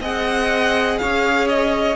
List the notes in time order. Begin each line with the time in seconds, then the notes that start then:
0.00 C4 G#4 D#5 F#5
0.98 C#4 C#5 F5
1.48 D#5